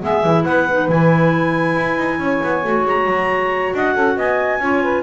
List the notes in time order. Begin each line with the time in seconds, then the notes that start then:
0.00 G#3 B3 G#4 E5
0.23 E3 E4
0.44 B3 B4 F#5
0.70 D#4
0.89 E3 E4 G#5
1.76 E4
1.98 D#4
2.19 C#4 C#5
2.44 B3
2.64 A3 F#4
2.85 G#3 A#5
3.06 F#3
3.74 D4 D#5 F#5
3.94 C#4 A4
4.16 B3 D#5 G#5
4.59 C#4 F4 C#5
4.82 B4